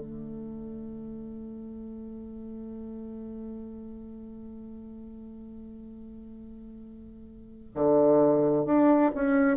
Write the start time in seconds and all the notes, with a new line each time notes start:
0.00 A3
7.76 D3
8.66 D4
9.15 C#4